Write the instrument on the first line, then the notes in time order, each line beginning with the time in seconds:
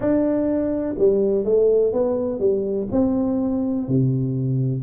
tuba
0.00 D4
0.98 G3
1.44 A3
1.92 B3
2.39 G3
2.91 C4
3.88 C3